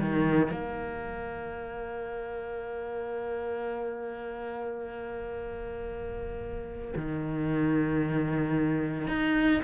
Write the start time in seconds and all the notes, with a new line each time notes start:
0.00 D#3
0.52 A#3
6.96 D#3
9.08 D#4